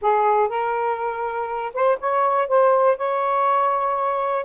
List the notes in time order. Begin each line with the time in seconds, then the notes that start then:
0.01 G#4
0.48 A#4
1.73 C5
2.00 C#5
2.47 C5
2.97 C#5